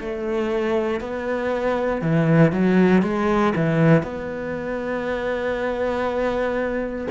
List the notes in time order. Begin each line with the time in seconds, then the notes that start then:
0.00 A3
1.00 B3
2.01 E3
2.52 F#3
3.02 G#3
3.55 E3
4.02 B3